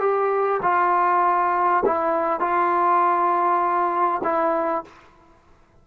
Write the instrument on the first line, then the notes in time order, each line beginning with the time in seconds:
trombone
0.00 G4
0.63 F4
1.86 E4
2.40 F4
4.24 E4